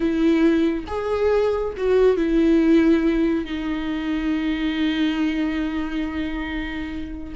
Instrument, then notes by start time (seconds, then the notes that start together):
viola
0.00 E4
0.87 G#4
1.77 F#4
2.16 E4
3.45 D#4